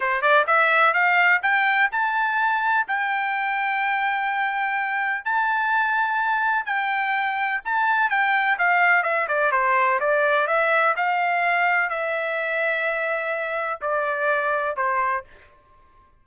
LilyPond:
\new Staff \with { instrumentName = "trumpet" } { \time 4/4 \tempo 4 = 126 c''8 d''8 e''4 f''4 g''4 | a''2 g''2~ | g''2. a''4~ | a''2 g''2 |
a''4 g''4 f''4 e''8 d''8 | c''4 d''4 e''4 f''4~ | f''4 e''2.~ | e''4 d''2 c''4 | }